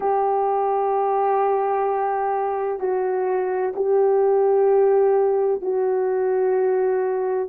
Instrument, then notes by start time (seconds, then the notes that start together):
horn
0.00 G4
2.79 F#4
3.75 G4
5.61 F#4